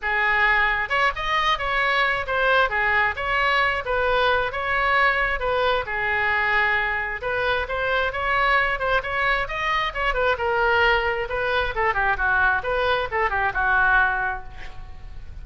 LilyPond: \new Staff \with { instrumentName = "oboe" } { \time 4/4 \tempo 4 = 133 gis'2 cis''8 dis''4 cis''8~ | cis''4 c''4 gis'4 cis''4~ | cis''8 b'4. cis''2 | b'4 gis'2. |
b'4 c''4 cis''4. c''8 | cis''4 dis''4 cis''8 b'8 ais'4~ | ais'4 b'4 a'8 g'8 fis'4 | b'4 a'8 g'8 fis'2 | }